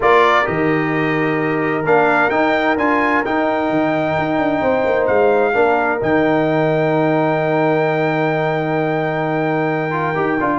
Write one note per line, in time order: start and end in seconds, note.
0.00 0.45 A#3
0.00 0.44 F4
0.00 4.61 A#4
0.00 0.46 D5
0.44 1.84 D#3
0.44 1.82 G4
0.44 1.85 D#5
1.84 2.30 A#3
1.84 2.31 D4
1.84 2.30 F5
2.30 2.76 D#4
2.30 2.77 D#4
2.30 2.76 G5
2.76 3.22 D4
2.76 3.24 F4
2.76 3.24 G#5
3.25 5.53 D#4
3.25 3.69 D#4
3.25 5.06 G5
3.69 4.15 D#3
4.18 4.37 D#4
4.37 4.60 D4
4.61 4.84 C4
4.61 5.53 C5
4.85 5.08 A#3
5.06 5.54 G#3
5.06 5.98 F5
5.53 6.00 A#3
5.53 5.99 D4
5.53 10.59 A#4
6.00 10.16 D#3
6.00 9.90 D#4
6.00 10.59 G5
9.90 10.13 F4
10.14 10.39 D#4
10.14 10.37 G4
10.40 10.59 D4
10.40 10.59 F4